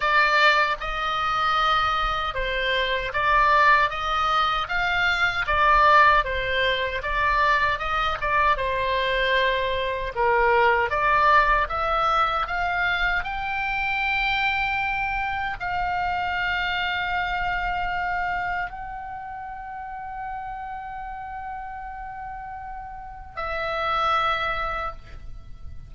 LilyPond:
\new Staff \with { instrumentName = "oboe" } { \time 4/4 \tempo 4 = 77 d''4 dis''2 c''4 | d''4 dis''4 f''4 d''4 | c''4 d''4 dis''8 d''8 c''4~ | c''4 ais'4 d''4 e''4 |
f''4 g''2. | f''1 | fis''1~ | fis''2 e''2 | }